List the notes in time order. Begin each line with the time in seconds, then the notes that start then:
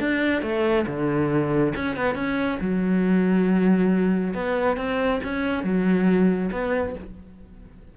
0.00 D4
0.42 A3
0.87 D3
1.75 C#4
1.96 B3
2.15 C#4
2.60 F#3
4.34 B3
4.77 C4
5.24 C#4
5.64 F#3
6.52 B3